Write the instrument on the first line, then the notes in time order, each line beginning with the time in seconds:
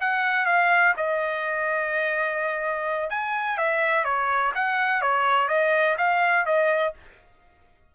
trumpet
0.00 F#5
0.45 F5
0.96 D#5
3.10 G#5
3.57 E5
4.04 C#5
4.54 F#5
5.01 C#5
5.48 D#5
5.97 F5
6.45 D#5